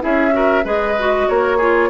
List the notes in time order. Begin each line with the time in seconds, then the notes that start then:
0.00 C#4 E4 G#4 E5
0.32 F#4 A#4
0.64 G#3 G#4 B4 D#5
0.99 F#4
1.28 A#3 A#4 C#5
1.57 F4 G#4